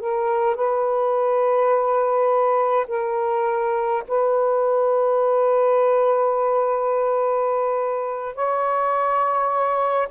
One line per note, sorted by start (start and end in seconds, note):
0.00 0.56 A#4
0.56 2.86 B4
2.88 4.03 A#4
4.08 8.35 B4
8.35 10.08 C#5